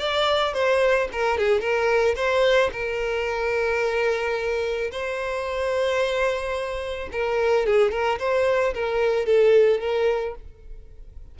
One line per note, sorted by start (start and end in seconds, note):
0.00 0.54 D5
0.54 1.09 C5
1.13 1.38 A#4
1.38 1.61 G#4
1.61 2.15 A#4
2.16 2.71 C5
2.73 4.91 A#4
4.92 7.10 C5
7.13 7.67 A#4
7.67 7.92 G#4
7.92 8.19 A#4
8.20 8.74 C5
8.74 9.26 A#4
9.26 9.81 A4
9.81 10.35 A#4